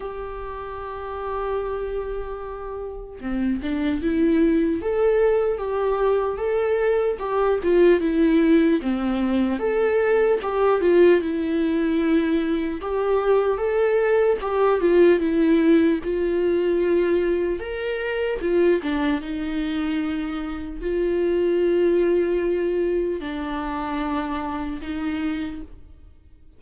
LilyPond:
\new Staff \with { instrumentName = "viola" } { \time 4/4 \tempo 4 = 75 g'1 | c'8 d'8 e'4 a'4 g'4 | a'4 g'8 f'8 e'4 c'4 | a'4 g'8 f'8 e'2 |
g'4 a'4 g'8 f'8 e'4 | f'2 ais'4 f'8 d'8 | dis'2 f'2~ | f'4 d'2 dis'4 | }